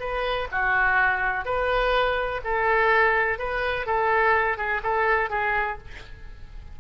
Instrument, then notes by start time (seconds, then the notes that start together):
oboe
0.00 B4
0.51 F#4
1.45 B4
2.44 A4
3.39 B4
3.86 A4
4.57 G#4
4.83 A4
5.30 G#4